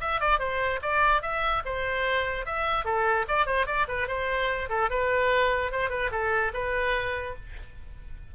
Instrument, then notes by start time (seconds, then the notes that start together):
oboe
0.00 E5
0.20 D5
0.39 C5
0.81 D5
1.22 E5
1.65 C5
2.45 E5
2.84 A4
3.27 D5
3.46 C5
3.66 D5
3.88 B4
4.07 C5
4.69 A4
4.90 B4
5.71 C5
5.89 B4
6.11 A4
6.53 B4